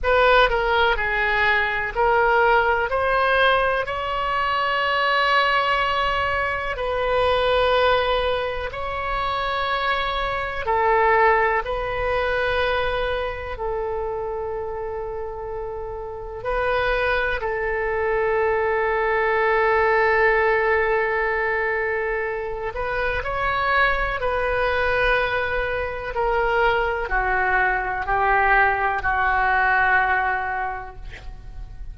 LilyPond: \new Staff \with { instrumentName = "oboe" } { \time 4/4 \tempo 4 = 62 b'8 ais'8 gis'4 ais'4 c''4 | cis''2. b'4~ | b'4 cis''2 a'4 | b'2 a'2~ |
a'4 b'4 a'2~ | a'2.~ a'8 b'8 | cis''4 b'2 ais'4 | fis'4 g'4 fis'2 | }